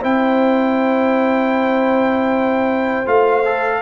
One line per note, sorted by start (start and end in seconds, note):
0.00 3.06 C4
0.00 3.06 E4
0.00 3.80 C5
0.00 3.08 G5
3.06 3.82 A3
3.06 3.44 F4
3.06 3.82 F5
3.45 3.82 A4